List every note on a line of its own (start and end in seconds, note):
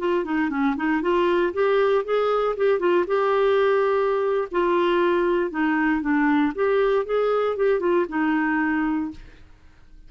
0.00 0.25 F4
0.25 0.50 D#4
0.50 0.76 C#4
0.77 1.02 D#4
1.02 1.54 F4
1.54 2.05 G4
2.05 2.56 G#4
2.57 2.80 G4
2.80 3.06 F4
3.08 4.49 G4
4.52 5.51 F4
5.51 6.02 D#4
6.02 6.53 D4
6.56 7.06 G4
7.06 7.57 G#4
7.57 7.80 G4
7.80 8.06 F4
8.09 9.12 D#4